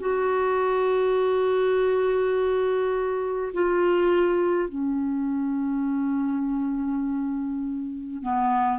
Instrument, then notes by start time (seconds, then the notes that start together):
clarinet
0.00 F#4
3.53 F4
4.69 C#4
8.22 B3